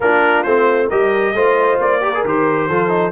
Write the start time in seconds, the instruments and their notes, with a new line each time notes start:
0.00 tuba A#3, trombone D4, horn F4, trumpet A#4
0.43 tuba A3, trombone C4, trumpet C5
0.88 tuba G3, trombone G4, horn A#4, trumpet D#5
1.33 tuba A3, trombone F4, horn C5
1.79 tuba A#3, trumpet D5
2.01 trombone G4, horn A#4
2.14 trombone G#4
2.24 tuba D#3, trombone G4, trumpet C5
2.68 tuba F3, trombone F4, horn A4
2.88 trombone D#4